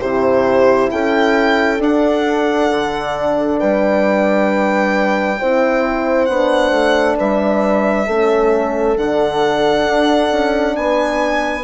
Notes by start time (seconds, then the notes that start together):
0.00 C3 E4 G4 C5
0.91 C#4 A4 G5
1.78 D4 F#5
2.71 D3
3.59 G3 B4 G5
5.39 C4 E4 C5
6.26 B3 D4 F#5
6.70 A3
7.18 G3 B4 E5
8.06 A3 C#4 A4
8.96 D3 D4 F#5
9.85 D4
10.31 C#4
10.76 B3 B4 G#5